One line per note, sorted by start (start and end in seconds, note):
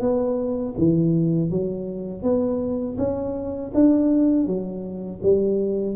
0.00 0.74 B3
0.78 1.50 E3
1.50 2.22 F#3
2.22 2.96 B3
2.98 3.72 C#4
3.74 4.46 D4
4.46 5.20 F#3
5.23 5.96 G3